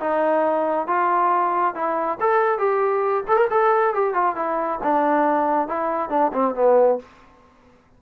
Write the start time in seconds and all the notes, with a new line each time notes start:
0.00 D#4
0.87 F4
1.75 E4
2.20 A4
2.58 G4
3.28 A4
3.37 A#4
3.50 A4
3.94 G4
4.14 F4
4.36 E4
4.83 D4
5.68 E4
6.10 D4
6.33 C4
6.55 B3